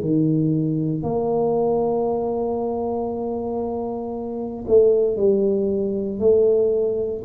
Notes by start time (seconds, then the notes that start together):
0.00 D#3
1.03 A#3
4.67 A3
5.16 G3
6.19 A3